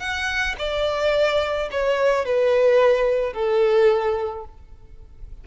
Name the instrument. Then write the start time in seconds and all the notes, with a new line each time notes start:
violin
0.00 F#5
0.59 D5
1.72 C#5
2.26 B4
3.34 A4